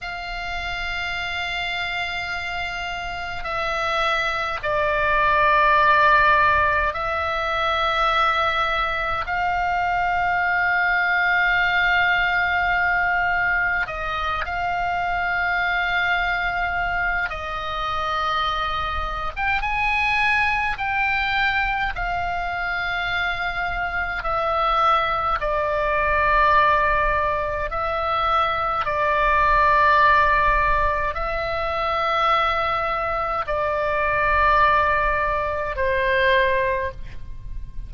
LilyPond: \new Staff \with { instrumentName = "oboe" } { \time 4/4 \tempo 4 = 52 f''2. e''4 | d''2 e''2 | f''1 | dis''8 f''2~ f''8 dis''4~ |
dis''8. g''16 gis''4 g''4 f''4~ | f''4 e''4 d''2 | e''4 d''2 e''4~ | e''4 d''2 c''4 | }